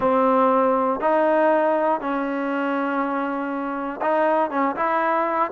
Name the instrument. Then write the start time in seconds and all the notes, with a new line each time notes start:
trombone
0.00 C4
1.00 D#4
2.00 C#4
4.01 D#4
4.50 C#4
4.76 E4